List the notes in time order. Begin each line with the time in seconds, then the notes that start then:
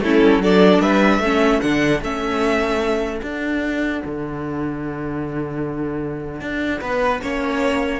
0.00 A3 C#4 E4 A4
0.22 G3
0.38 F#3 D4 A4 D5
0.79 G3 B4 E5
1.18 A3 C#4 A4
1.60 D3 D4 F#5
2.00 A3 C#4 E5
3.21 D4 F#5
4.05 D3
6.41 D4
6.80 B3 B4
7.21 A#3 C#4 C#5